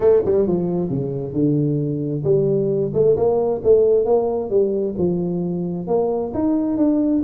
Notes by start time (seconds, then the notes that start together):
0.00 A3
0.25 G3
0.47 F3
0.89 C#3
1.33 D3
2.24 G3
2.93 A3
3.16 A#3
3.63 A3
4.05 A#3
4.49 G3
4.97 F3
5.87 A#3
6.34 D#4
6.77 D4